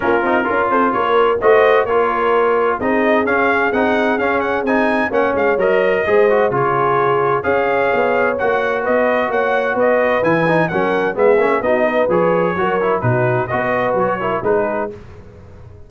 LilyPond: <<
  \new Staff \with { instrumentName = "trumpet" } { \time 4/4 \tempo 4 = 129 ais'4. c''8 cis''4 dis''4 | cis''2 dis''4 f''4 | fis''4 f''8 fis''8 gis''4 fis''8 f''8 | dis''2 cis''2 |
f''2 fis''4 dis''4 | fis''4 dis''4 gis''4 fis''4 | e''4 dis''4 cis''2 | b'4 dis''4 cis''4 b'4 | }
  \new Staff \with { instrumentName = "horn" } { \time 4/4 f'4 ais'8 a'8 ais'4 c''4 | ais'2 gis'2~ | gis'2. cis''4~ | cis''4 c''4 gis'2 |
cis''2. b'4 | cis''4 b'2 ais'4 | gis'4 fis'8 b'4. ais'4 | fis'4 b'4. ais'8 gis'4 | }
  \new Staff \with { instrumentName = "trombone" } { \time 4/4 cis'8 dis'8 f'2 fis'4 | f'2 dis'4 cis'4 | dis'4 cis'4 dis'4 cis'4 | ais'4 gis'8 fis'8 f'2 |
gis'2 fis'2~ | fis'2 e'8 dis'8 cis'4 | b8 cis'8 dis'4 gis'4 fis'8 e'8 | dis'4 fis'4. e'8 dis'4 | }
  \new Staff \with { instrumentName = "tuba" } { \time 4/4 ais8 c'8 cis'8 c'8 ais4 a4 | ais2 c'4 cis'4 | c'4 cis'4 c'4 ais8 gis8 | fis4 gis4 cis2 |
cis'4 b4 ais4 b4 | ais4 b4 e4 fis4 | gis8 ais8 b4 f4 fis4 | b,4 b4 fis4 gis4 | }
>>